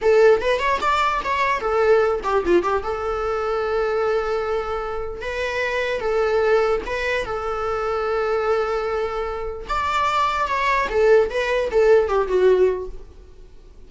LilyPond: \new Staff \with { instrumentName = "viola" } { \time 4/4 \tempo 4 = 149 a'4 b'8 cis''8 d''4 cis''4 | a'4. g'8 f'8 g'8 a'4~ | a'1~ | a'4 b'2 a'4~ |
a'4 b'4 a'2~ | a'1 | d''2 cis''4 a'4 | b'4 a'4 g'8 fis'4. | }